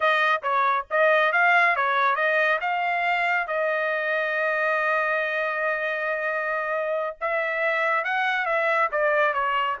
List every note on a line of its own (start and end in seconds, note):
0.00 0.42 D#5
0.42 0.85 C#5
0.90 1.32 D#5
1.32 1.75 F5
1.76 2.15 C#5
2.15 2.59 D#5
2.60 3.47 F5
3.47 7.16 D#5
7.20 8.04 E5
8.04 8.45 F#5
8.45 8.89 E5
8.91 9.33 D5
9.33 9.77 C#5